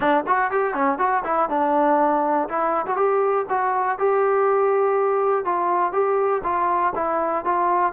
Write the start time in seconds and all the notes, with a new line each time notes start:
0.00 D4
0.27 F#4
0.51 G4
0.73 C#4
0.98 F#4
1.24 E4
1.49 D4
2.48 E4
2.86 F#4
2.96 G4
3.49 F#4
3.98 G4
5.44 F4
5.92 G4
6.43 F4
6.95 E4
7.44 F4